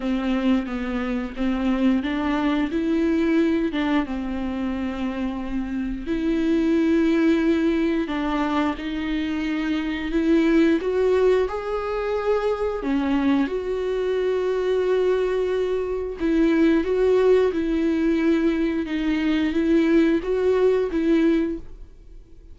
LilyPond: \new Staff \with { instrumentName = "viola" } { \time 4/4 \tempo 4 = 89 c'4 b4 c'4 d'4 | e'4. d'8 c'2~ | c'4 e'2. | d'4 dis'2 e'4 |
fis'4 gis'2 cis'4 | fis'1 | e'4 fis'4 e'2 | dis'4 e'4 fis'4 e'4 | }